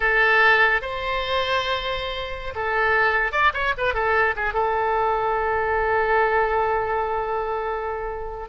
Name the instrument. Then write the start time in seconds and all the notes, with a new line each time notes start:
oboe
0.00 A4
0.81 C5
2.55 A4
3.32 D5
3.53 C#5
3.77 B4
3.94 A4
4.36 G#4
4.53 A4